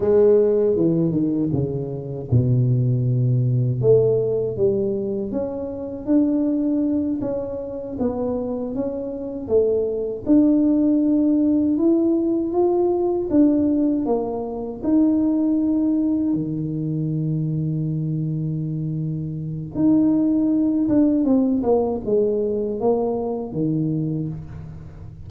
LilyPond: \new Staff \with { instrumentName = "tuba" } { \time 4/4 \tempo 4 = 79 gis4 e8 dis8 cis4 b,4~ | b,4 a4 g4 cis'4 | d'4. cis'4 b4 cis'8~ | cis'8 a4 d'2 e'8~ |
e'8 f'4 d'4 ais4 dis'8~ | dis'4. dis2~ dis8~ | dis2 dis'4. d'8 | c'8 ais8 gis4 ais4 dis4 | }